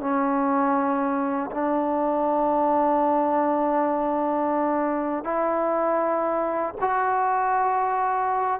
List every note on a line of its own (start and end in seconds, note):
0.00 1.50 C#4
1.51 5.24 D4
5.24 6.74 E4
6.80 8.60 F#4